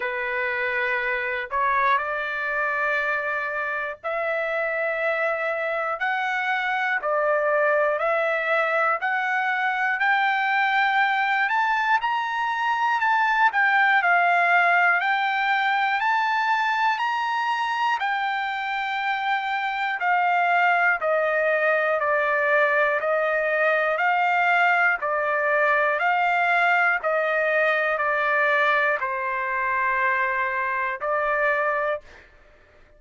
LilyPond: \new Staff \with { instrumentName = "trumpet" } { \time 4/4 \tempo 4 = 60 b'4. cis''8 d''2 | e''2 fis''4 d''4 | e''4 fis''4 g''4. a''8 | ais''4 a''8 g''8 f''4 g''4 |
a''4 ais''4 g''2 | f''4 dis''4 d''4 dis''4 | f''4 d''4 f''4 dis''4 | d''4 c''2 d''4 | }